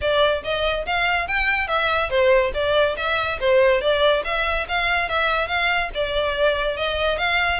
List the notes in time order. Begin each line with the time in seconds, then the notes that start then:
0.01 D5
0.43 D#5
0.86 F5
1.27 G5
1.67 E5
2.09 C5
2.54 D5
2.97 E5
3.40 C5
3.81 D5
4.24 E5
4.68 F5
5.08 E5
5.47 F5
5.94 D5
6.76 D#5
7.18 F5